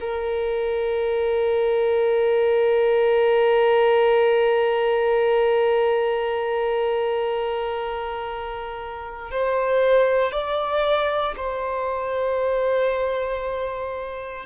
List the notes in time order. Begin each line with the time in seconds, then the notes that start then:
0.00 A#4
9.31 C5
10.31 D5
11.36 C5